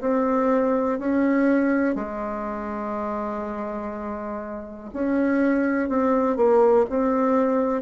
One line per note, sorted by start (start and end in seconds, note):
0.00 0.98 C4
0.98 1.95 C#4
1.95 4.90 G#3
4.93 5.88 C#4
5.88 6.36 C4
6.36 6.85 A#3
6.89 7.82 C4